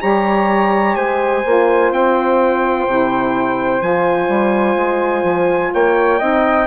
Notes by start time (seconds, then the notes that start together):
0.00 G3 G4 C#5 A#5
0.96 G#3 C5 G#5
1.45 A#3 F4
1.91 C4 G5
2.87 C3 E4
3.80 F3 F4 G#5
4.29 G3
4.76 G#3
5.23 F3
5.73 A#3 C#5 G5
6.19 C4 D#4 D#5